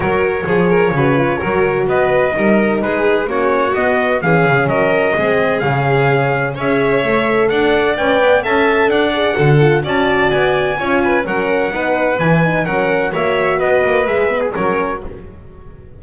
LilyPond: <<
  \new Staff \with { instrumentName = "trumpet" } { \time 4/4 \tempo 4 = 128 cis''1 | dis''2 b'4 cis''4 | dis''4 f''4 dis''2 | f''2 e''2 |
fis''4 g''4 a''4 fis''4~ | fis''4 a''4 gis''2 | fis''2 gis''4 fis''4 | e''4 dis''4 e''8. gis'16 cis''4 | }
  \new Staff \with { instrumentName = "violin" } { \time 4/4 ais'4 gis'8 ais'8 b'4 ais'4 | b'4 ais'4 gis'4 fis'4~ | fis'4 gis'4 ais'4 gis'4~ | gis'2 cis''2 |
d''2 e''4 d''4 | a'4 d''2 cis''8 b'8 | ais'4 b'2 ais'4 | cis''4 b'2 ais'4 | }
  \new Staff \with { instrumentName = "horn" } { \time 4/4 fis'4 gis'4 fis'8 f'8 fis'4~ | fis'4 dis'2 cis'4 | b4 cis'2 c'4 | cis'2 gis'4 a'4~ |
a'4 b'4 a'4. gis'8 | fis'8 f'8 fis'2 f'4 | cis'4 dis'4 e'8 dis'8 cis'4 | fis'2 gis'8 b8 cis'4 | }
  \new Staff \with { instrumentName = "double bass" } { \time 4/4 fis4 f4 cis4 fis4 | b4 g4 gis4 ais4 | b4 e8 cis8 fis4 gis4 | cis2 cis'4 a4 |
d'4 cis'8 b8 cis'4 d'4 | d4 cis'4 b4 cis'4 | fis4 b4 e4 fis4 | ais4 b8 ais8 gis4 fis4 | }
>>